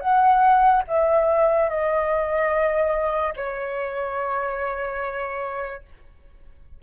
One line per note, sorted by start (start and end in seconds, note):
0.00 0.82 F#5
0.87 1.69 E5
1.69 3.34 D#5
3.36 5.82 C#5